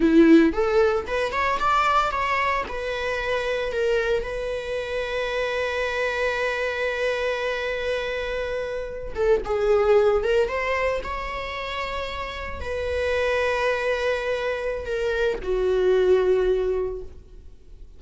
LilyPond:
\new Staff \with { instrumentName = "viola" } { \time 4/4 \tempo 4 = 113 e'4 a'4 b'8 cis''8 d''4 | cis''4 b'2 ais'4 | b'1~ | b'1~ |
b'4~ b'16 a'8 gis'4. ais'8 c''16~ | c''8. cis''2. b'16~ | b'1 | ais'4 fis'2. | }